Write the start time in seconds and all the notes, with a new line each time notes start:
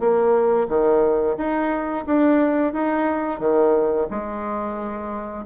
0.00 A#3
0.69 D#3
1.38 D#4
2.07 D4
2.73 D#4
3.40 D#3
4.11 G#3